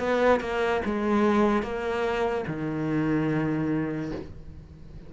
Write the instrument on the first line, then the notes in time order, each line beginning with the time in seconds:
cello
0.00 B3
0.41 A#3
0.86 G#3
1.63 A#3
2.48 D#3